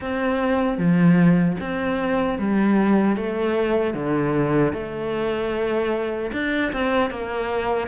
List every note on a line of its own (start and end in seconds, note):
0.00 0.78 C4
0.78 1.56 F3
1.60 2.39 C4
2.39 3.16 G3
3.16 3.94 A3
3.94 4.73 D3
4.73 6.31 A3
6.32 6.71 D4
6.72 7.10 C4
7.10 7.87 A#3